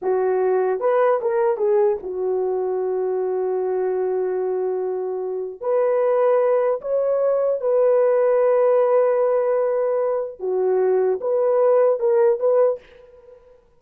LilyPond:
\new Staff \with { instrumentName = "horn" } { \time 4/4 \tempo 4 = 150 fis'2 b'4 ais'4 | gis'4 fis'2.~ | fis'1~ | fis'2 b'2~ |
b'4 cis''2 b'4~ | b'1~ | b'2 fis'2 | b'2 ais'4 b'4 | }